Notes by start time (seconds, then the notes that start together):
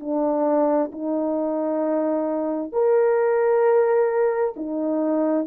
0.00 D4
0.92 D#4
2.72 A#4
4.56 D#4